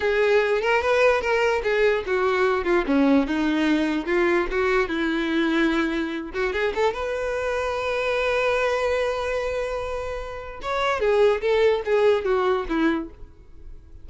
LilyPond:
\new Staff \with { instrumentName = "violin" } { \time 4/4 \tempo 4 = 147 gis'4. ais'8 b'4 ais'4 | gis'4 fis'4. f'8 cis'4 | dis'2 f'4 fis'4 | e'2.~ e'8 fis'8 |
gis'8 a'8 b'2.~ | b'1~ | b'2 cis''4 gis'4 | a'4 gis'4 fis'4 e'4 | }